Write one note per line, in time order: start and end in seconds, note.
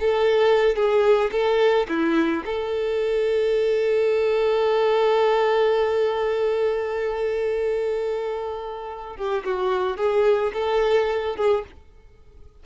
0.00 0.76 A4
0.76 1.31 G#4
1.32 1.87 A4
1.89 2.44 E4
2.45 9.17 A4
9.17 9.44 G4
9.45 9.97 F#4
9.97 10.52 G#4
10.54 11.36 A4
11.36 11.64 G#4